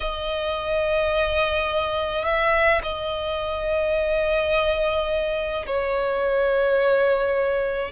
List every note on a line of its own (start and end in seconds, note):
0.00 2.24 D#5
2.24 2.81 E5
2.83 5.66 D#5
5.66 7.92 C#5